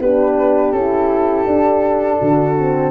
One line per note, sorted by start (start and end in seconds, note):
0.00 0.73 B3
0.00 0.76 D4
0.00 2.19 G4
0.00 0.72 B4
0.72 1.46 C#4
0.72 1.47 E4
0.72 2.91 A4
1.47 2.56 D4
1.47 2.20 D4
2.19 2.91 D3
2.19 2.91 F#4
2.59 2.91 C4